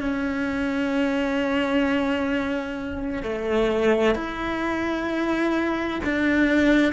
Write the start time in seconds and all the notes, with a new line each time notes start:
0.00 C#4
3.23 A3
4.15 E4
6.04 D4